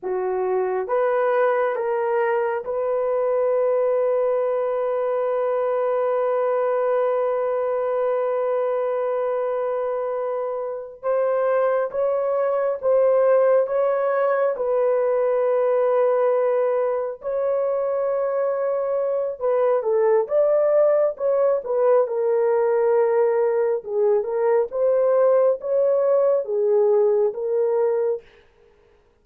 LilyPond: \new Staff \with { instrumentName = "horn" } { \time 4/4 \tempo 4 = 68 fis'4 b'4 ais'4 b'4~ | b'1~ | b'1~ | b'8 c''4 cis''4 c''4 cis''8~ |
cis''8 b'2. cis''8~ | cis''2 b'8 a'8 d''4 | cis''8 b'8 ais'2 gis'8 ais'8 | c''4 cis''4 gis'4 ais'4 | }